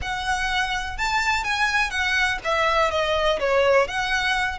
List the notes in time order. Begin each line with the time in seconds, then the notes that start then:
0.01 F#5
0.97 A5
1.44 G#5
1.90 F#5
2.44 E5
2.91 D#5
3.39 C#5
3.87 F#5